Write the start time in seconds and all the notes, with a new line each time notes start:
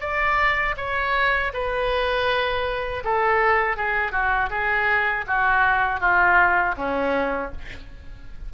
0.00 D5
0.77 C#5
1.53 B4
3.04 A4
3.77 G#4
4.12 F#4
4.50 G#4
5.27 F#4
6.00 F4
6.77 C#4